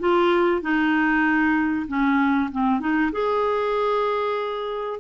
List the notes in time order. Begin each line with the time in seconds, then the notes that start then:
0.00 F4
0.62 D#4
1.88 C#4
2.52 C4
2.80 D#4
3.12 G#4